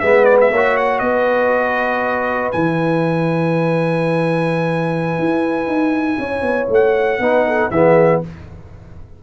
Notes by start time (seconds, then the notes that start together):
0.00 G#3 B3 B4 E5
0.25 D5
0.41 E5
0.52 A#3 F#4 C#5
0.77 F#5
0.99 B3 B4 D#5
2.52 E3 E4 G#5
5.19 E4
5.67 D#4
6.19 C#4 C#5
6.42 B3
6.69 A3 F#5
7.19 B3 D#4 B4
7.47 A4
7.71 E3 B3 G#4 E5